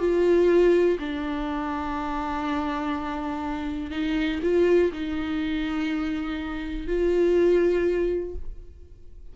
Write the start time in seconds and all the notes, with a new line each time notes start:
0.00 F4
1.00 D4
3.91 D#4
4.43 F4
4.93 D#4
6.88 F4